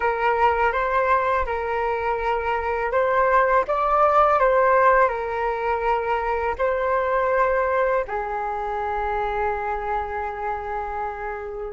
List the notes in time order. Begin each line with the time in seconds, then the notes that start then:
0.00 A#4
0.72 C5
1.46 A#4
2.91 C5
3.67 D5
4.39 C5
5.08 A#4
6.58 C5
8.07 G#4